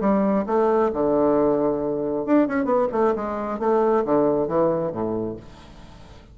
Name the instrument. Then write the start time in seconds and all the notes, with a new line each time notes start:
bassoon
0.00 G3
0.46 A3
0.93 D3
2.26 D4
2.48 C#4
2.65 B3
2.92 A3
3.16 G#3
3.59 A3
4.05 D3
4.48 E3
4.92 A2